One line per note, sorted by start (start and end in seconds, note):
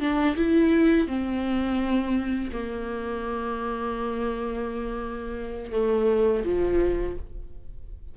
0.00 0.36 D4
0.36 1.07 E4
1.07 2.50 C4
2.52 5.72 A#3
5.72 6.43 A3
6.44 7.16 F3